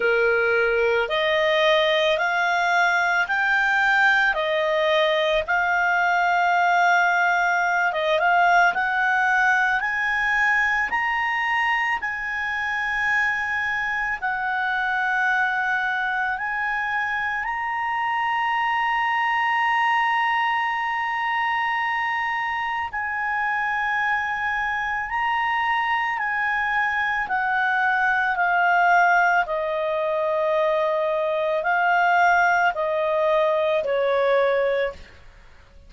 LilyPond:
\new Staff \with { instrumentName = "clarinet" } { \time 4/4 \tempo 4 = 55 ais'4 dis''4 f''4 g''4 | dis''4 f''2~ f''16 dis''16 f''8 | fis''4 gis''4 ais''4 gis''4~ | gis''4 fis''2 gis''4 |
ais''1~ | ais''4 gis''2 ais''4 | gis''4 fis''4 f''4 dis''4~ | dis''4 f''4 dis''4 cis''4 | }